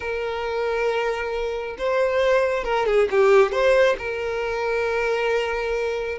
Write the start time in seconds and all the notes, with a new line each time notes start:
0.00 A#4
1.78 C5
2.64 A#4
2.86 G#4
3.11 G4
3.52 C5
3.98 A#4